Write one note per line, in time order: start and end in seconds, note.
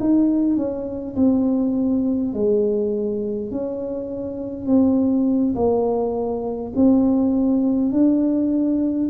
0.00 0.56 D#4
0.56 1.15 C#4
1.16 2.33 C4
2.33 3.51 G#3
3.51 4.66 C#4
4.66 5.55 C4
5.55 6.73 A#3
6.75 7.91 C4
7.91 9.09 D4